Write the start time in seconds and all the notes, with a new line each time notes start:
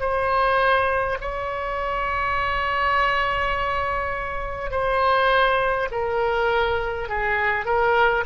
0.00 C5
1.20 C#5
4.71 C5
5.91 A#4
7.09 G#4
7.65 A#4